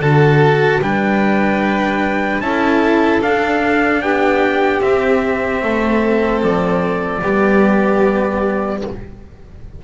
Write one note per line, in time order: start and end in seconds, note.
0.00 0.80 D3
0.00 0.82 F#4
0.00 0.81 A4
0.00 0.82 A5
0.82 2.40 G3
0.82 2.42 D4
0.82 2.44 B4
0.82 2.41 G5
2.40 3.20 C#4
2.40 3.22 E4
2.40 4.03 A4
2.40 3.21 A5
3.22 4.81 D4
3.22 4.02 D4
3.22 4.02 F5
4.02 4.82 B3
4.02 5.63 G4
4.02 4.82 G5
4.81 7.21 C4
4.81 5.63 C4
4.81 6.43 E5
5.63 6.43 A3
5.63 7.21 A4
6.43 7.23 F3
6.43 8.84 D5
7.21 8.84 G3
7.21 8.82 B3
7.21 8.81 G4